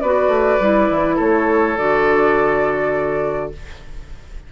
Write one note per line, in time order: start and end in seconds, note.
0.00 0.28 B3
0.00 0.61 F#4
0.00 1.16 B4
0.00 1.17 D5
0.28 0.57 A3
0.60 0.89 G3
0.60 1.77 E4
0.90 1.19 E3
1.16 1.77 A3
1.16 3.49 A4
1.16 1.77 C#5
1.77 3.52 D3
1.77 3.52 F#4
1.77 3.52 D5